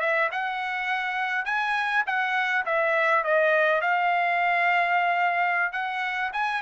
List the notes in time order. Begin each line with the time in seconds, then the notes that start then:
0.00 E5
0.31 F#5
1.45 G#5
2.06 F#5
2.66 E5
3.24 D#5
3.81 F5
5.72 F#5
6.33 G#5